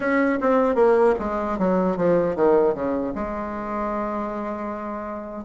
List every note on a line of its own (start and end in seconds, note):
0.00 0.39 C#4
0.40 0.75 C4
0.75 1.14 A#3
1.19 1.58 G#3
1.58 1.97 F#3
1.97 2.36 F3
2.36 2.74 D#3
2.74 3.13 C#3
3.15 5.44 G#3